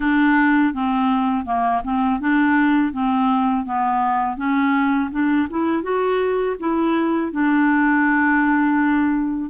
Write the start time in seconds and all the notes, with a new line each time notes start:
0.00 D4
0.73 C4
1.45 A#3
1.84 C4
2.20 D4
2.93 C4
3.65 B3
4.36 C#4
5.11 D4
5.50 E4
5.82 F#4
6.59 E4
7.32 D4